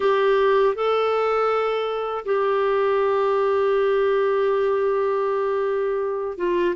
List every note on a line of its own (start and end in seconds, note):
0.00 0.74 G4
0.74 2.24 A4
2.25 6.37 G4
6.37 6.75 F4